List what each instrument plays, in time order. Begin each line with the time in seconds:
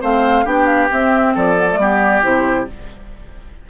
0.00 bassoon A3, clarinet C4, oboe C5, flute F5
0.44 bassoon B3, clarinet D4, oboe G4, flute G5
0.65 flute F5
0.91 clarinet C4, bassoon C4, flute E5
1.34 bassoon F3, oboe A4, flute D5
1.56 clarinet B3
1.70 clarinet A3
1.76 bassoon G3, clarinet B3, oboe G4
2.22 bassoon C3, clarinet E4, flute C5